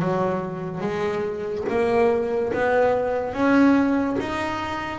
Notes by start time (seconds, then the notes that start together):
0.00 F#3
0.81 G#3
1.70 A#3
2.53 B3
3.33 C#4
4.20 D#4